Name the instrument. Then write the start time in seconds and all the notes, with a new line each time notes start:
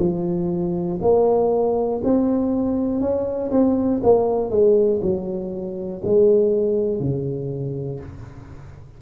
tuba
0.00 F3
1.02 A#3
2.05 C4
3.01 C#4
3.51 C4
4.04 A#3
4.51 G#3
5.02 F#3
6.05 G#3
7.00 C#3